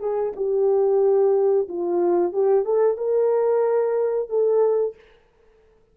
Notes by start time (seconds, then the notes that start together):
0.00 G#4
0.36 G4
1.68 F4
2.33 G4
2.65 A4
2.97 A#4
4.29 A4